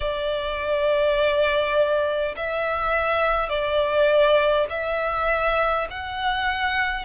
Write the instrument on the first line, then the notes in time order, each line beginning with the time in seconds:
violin
0.00 D5
2.36 E5
3.49 D5
4.70 E5
5.90 F#5